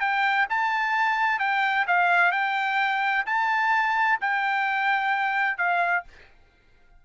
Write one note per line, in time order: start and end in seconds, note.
0.00 0.47 G5
0.50 1.39 A5
1.39 1.86 G5
1.87 2.32 F5
2.32 3.25 G5
3.26 4.19 A5
4.21 5.58 G5
5.58 6.04 F5